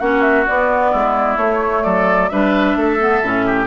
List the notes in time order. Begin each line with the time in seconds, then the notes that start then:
0.00 A#3 C#4 F#4 F#5
0.22 E5
0.47 B3 D5
0.92 G#3 E4
1.37 A3 C#5
1.83 F#3 A4 D5
2.29 G3 D4 B4 E5
2.76 A3 A4
3.00 B3
3.23 A2 C#4
3.46 G4